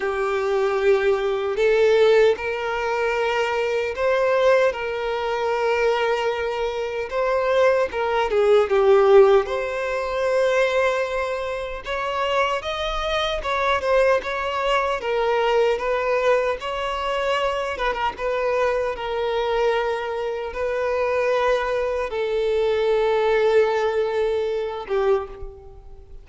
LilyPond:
\new Staff \with { instrumentName = "violin" } { \time 4/4 \tempo 4 = 76 g'2 a'4 ais'4~ | ais'4 c''4 ais'2~ | ais'4 c''4 ais'8 gis'8 g'4 | c''2. cis''4 |
dis''4 cis''8 c''8 cis''4 ais'4 | b'4 cis''4. b'16 ais'16 b'4 | ais'2 b'2 | a'2.~ a'8 g'8 | }